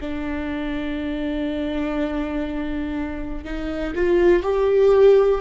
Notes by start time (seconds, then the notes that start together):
0.00 D4
3.44 D#4
3.95 F4
4.43 G4